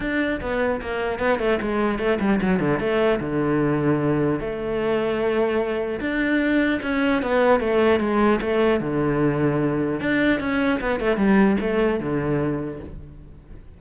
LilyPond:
\new Staff \with { instrumentName = "cello" } { \time 4/4 \tempo 4 = 150 d'4 b4 ais4 b8 a8 | gis4 a8 g8 fis8 d8 a4 | d2. a4~ | a2. d'4~ |
d'4 cis'4 b4 a4 | gis4 a4 d2~ | d4 d'4 cis'4 b8 a8 | g4 a4 d2 | }